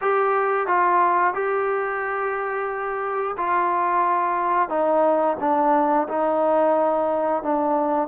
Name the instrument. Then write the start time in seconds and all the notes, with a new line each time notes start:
trombone
0.01 G4
0.67 F4
1.33 G4
3.37 F4
4.69 D#4
5.40 D4
6.08 D#4
7.42 D4